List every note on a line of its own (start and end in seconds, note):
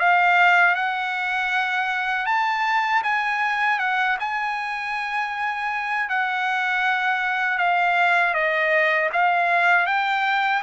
0.00 0.75 F5
0.75 2.26 F#5
2.26 3.02 A5
3.03 3.79 G#5
3.79 4.17 F#5
4.20 6.09 G#5
6.09 7.58 F#5
7.58 8.34 F5
8.34 9.10 D#5
9.13 9.86 F5
9.86 10.62 G5